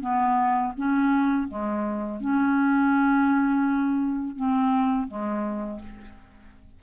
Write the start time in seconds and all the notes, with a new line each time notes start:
0.00 B3
0.77 C#4
1.48 G#3
2.20 C#4
4.35 C4
5.07 G#3